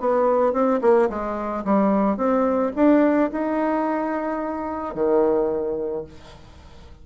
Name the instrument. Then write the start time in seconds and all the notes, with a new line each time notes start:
bassoon
0.00 B3
0.53 C4
0.81 A#3
1.09 G#3
1.64 G3
2.16 C4
2.75 D4
3.31 D#4
4.94 D#3